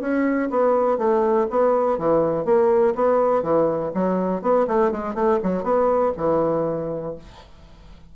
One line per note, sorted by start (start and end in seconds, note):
0.00 0.49 C#4
0.50 0.98 B3
0.98 1.47 A3
1.50 1.98 B3
1.98 2.45 E3
2.45 2.94 A#3
2.95 3.42 B3
3.42 3.92 E3
3.94 4.42 F#3
4.42 4.66 B3
4.67 4.92 A3
4.92 5.14 G#3
5.14 5.39 A3
5.43 5.64 F#3
5.64 6.13 B3
6.17 7.15 E3